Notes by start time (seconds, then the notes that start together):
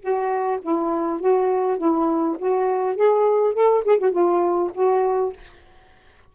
0.00 F#4
0.62 E4
1.20 F#4
1.78 E4
2.39 F#4
2.96 G#4
3.54 A4
3.85 G#4
3.99 F#4
4.12 F4
4.74 F#4